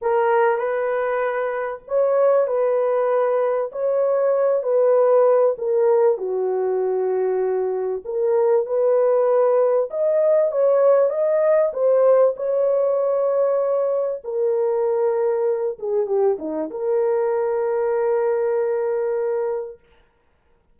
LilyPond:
\new Staff \with { instrumentName = "horn" } { \time 4/4 \tempo 4 = 97 ais'4 b'2 cis''4 | b'2 cis''4. b'8~ | b'4 ais'4 fis'2~ | fis'4 ais'4 b'2 |
dis''4 cis''4 dis''4 c''4 | cis''2. ais'4~ | ais'4. gis'8 g'8 dis'8 ais'4~ | ais'1 | }